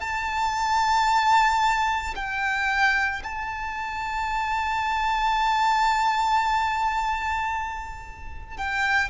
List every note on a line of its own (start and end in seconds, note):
0.00 2.14 A5
2.15 3.22 G5
3.23 8.57 A5
8.57 9.09 G5